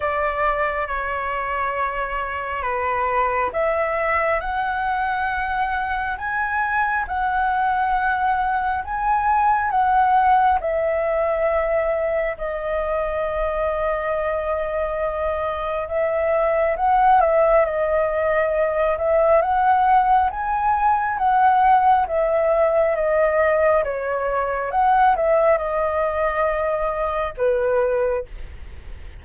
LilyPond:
\new Staff \with { instrumentName = "flute" } { \time 4/4 \tempo 4 = 68 d''4 cis''2 b'4 | e''4 fis''2 gis''4 | fis''2 gis''4 fis''4 | e''2 dis''2~ |
dis''2 e''4 fis''8 e''8 | dis''4. e''8 fis''4 gis''4 | fis''4 e''4 dis''4 cis''4 | fis''8 e''8 dis''2 b'4 | }